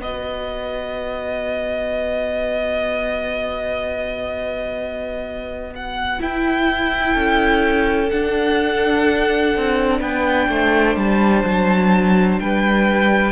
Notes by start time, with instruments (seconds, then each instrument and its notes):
0.00 cello B3, viola F#4, violin B4 D#5
5.75 violin F#5
6.19 viola E4, cello E4, violin G5
7.13 cello C#4, violin A4
8.10 viola D4, cello D4, violin F#5
9.56 cello C4
9.99 cello B3, violin B4 G5
10.48 cello A3, violin C5
10.96 cello G3, violin A5
11.44 cello F#3
12.39 cello G3, violin B4 G5